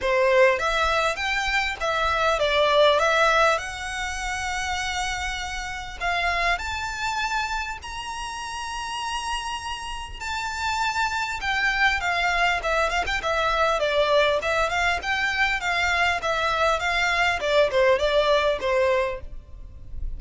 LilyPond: \new Staff \with { instrumentName = "violin" } { \time 4/4 \tempo 4 = 100 c''4 e''4 g''4 e''4 | d''4 e''4 fis''2~ | fis''2 f''4 a''4~ | a''4 ais''2.~ |
ais''4 a''2 g''4 | f''4 e''8 f''16 g''16 e''4 d''4 | e''8 f''8 g''4 f''4 e''4 | f''4 d''8 c''8 d''4 c''4 | }